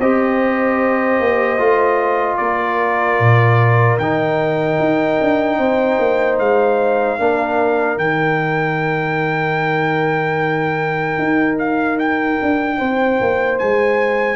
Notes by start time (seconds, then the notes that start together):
0.00 C4 G4 C5 D#5
1.20 A#3
1.59 A3 F4
2.37 A#3 A#4 D5
3.20 A#2
3.98 D#3 D#4 G5
4.79 D#4
5.21 D4
5.58 C4 C5
5.99 A#3
6.39 G#3 F5
7.19 A#3 D4 A#4
7.98 D#3 D#4 G5
11.18 D#4
11.59 F5
11.99 G5
12.42 D4
12.78 C4 C5
13.21 A#3
13.59 G#3 G#5